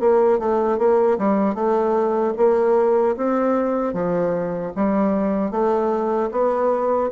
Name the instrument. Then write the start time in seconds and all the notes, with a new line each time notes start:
bassoon
0.00 A#3
0.39 A3
0.79 A#3
1.18 G3
1.55 A3
2.37 A#3
3.17 C4
3.94 F3
4.76 G3
5.51 A3
6.32 B3